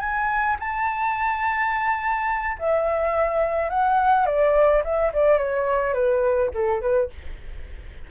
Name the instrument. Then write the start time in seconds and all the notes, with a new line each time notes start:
flute
0.00 G#5
0.60 A5
2.59 E5
3.70 F#5
4.26 D5
4.84 E5
5.14 D5
5.39 C#5
5.94 B4
6.54 A4
6.82 B4